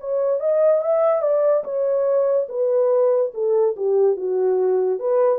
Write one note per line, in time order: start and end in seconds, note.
0.00 0.40 C#5
0.40 0.82 D#5
0.82 1.22 E5
1.22 1.64 D5
1.64 2.47 C#5
2.49 3.32 B4
3.34 3.76 A4
3.77 4.17 G4
4.17 4.99 F#4
4.99 5.39 B4